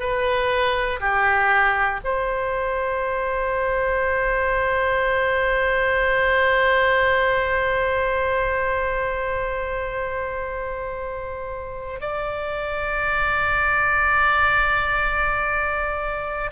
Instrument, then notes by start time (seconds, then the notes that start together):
oboe
0.00 B4
1.00 G4
2.05 C5
12.01 D5